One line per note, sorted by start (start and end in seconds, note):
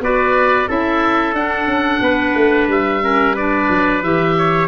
0.00 0.67 B3
0.00 0.67 F#4
0.00 0.68 B4
0.00 0.70 D5
0.67 1.34 C#4
0.67 1.34 E4
0.67 2.01 A4
0.67 1.35 E5
1.34 1.66 D4
1.34 3.01 D4
1.34 2.68 F#5
1.66 2.00 C#4
2.01 2.34 B3
2.01 3.03 B4
2.35 2.67 A3
2.67 3.67 G3
2.67 3.36 E5
3.01 3.35 C#4
3.01 3.34 A#4
3.34 4.03 D4
3.34 4.34 B4
3.34 4.03 D5
3.69 4.02 F#3
4.02 4.67 E3
4.02 4.67 G4
4.02 4.67 E5
4.38 4.67 C#5